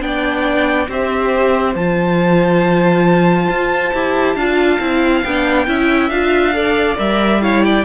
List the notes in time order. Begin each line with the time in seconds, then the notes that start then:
0.00 B3 D4 D5 G5
0.88 C4 G4 C5 E5
1.75 F3 F4 A5
3.49 F4
3.93 E4 G4
4.35 D4 F4 F5
4.80 C4 E4
5.23 B3 D4 G5
5.66 C#4 E4 E5
6.10 D4 F4 F5
6.53 A4 D5
6.98 G3 A#4 E5
7.41 E4 C#5 F5
7.64 D5 G5